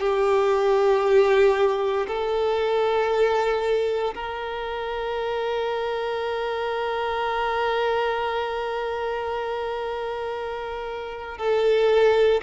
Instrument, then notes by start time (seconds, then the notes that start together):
violin
0.00 G4
2.08 A4
4.15 A#4
11.38 A4